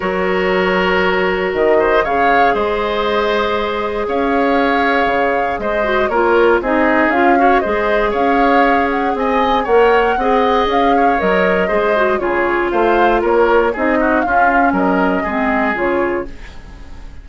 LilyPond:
<<
  \new Staff \with { instrumentName = "flute" } { \time 4/4 \tempo 4 = 118 cis''2. dis''4 | f''4 dis''2. | f''2. dis''4 | cis''4 dis''4 f''4 dis''4 |
f''4. fis''8 gis''4 fis''4~ | fis''4 f''4 dis''2 | cis''4 f''4 cis''4 dis''4 | f''4 dis''2 cis''4 | }
  \new Staff \with { instrumentName = "oboe" } { \time 4/4 ais'2.~ ais'8 c''8 | cis''4 c''2. | cis''2. c''4 | ais'4 gis'4. cis''8 c''4 |
cis''2 dis''4 cis''4 | dis''4. cis''4. c''4 | gis'4 c''4 ais'4 gis'8 fis'8 | f'4 ais'4 gis'2 | }
  \new Staff \with { instrumentName = "clarinet" } { \time 4/4 fis'1 | gis'1~ | gis'2.~ gis'8 fis'8 | f'4 dis'4 f'8 fis'8 gis'4~ |
gis'2. ais'4 | gis'2 ais'4 gis'8 fis'8 | f'2. dis'4 | cis'2 c'4 f'4 | }
  \new Staff \with { instrumentName = "bassoon" } { \time 4/4 fis2. dis4 | cis4 gis2. | cis'2 cis4 gis4 | ais4 c'4 cis'4 gis4 |
cis'2 c'4 ais4 | c'4 cis'4 fis4 gis4 | cis4 a4 ais4 c'4 | cis'4 fis4 gis4 cis4 | }
>>